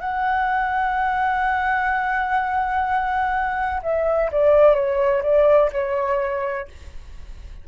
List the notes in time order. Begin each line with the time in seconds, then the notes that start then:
0.00 F#5
3.82 E5
4.31 D5
4.74 C#5
5.23 D5
5.72 C#5